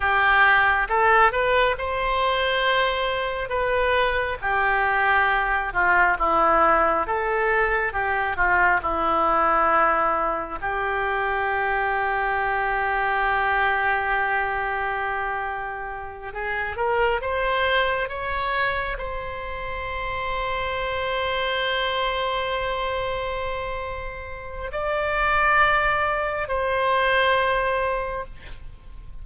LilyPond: \new Staff \with { instrumentName = "oboe" } { \time 4/4 \tempo 4 = 68 g'4 a'8 b'8 c''2 | b'4 g'4. f'8 e'4 | a'4 g'8 f'8 e'2 | g'1~ |
g'2~ g'8 gis'8 ais'8 c''8~ | c''8 cis''4 c''2~ c''8~ | c''1 | d''2 c''2 | }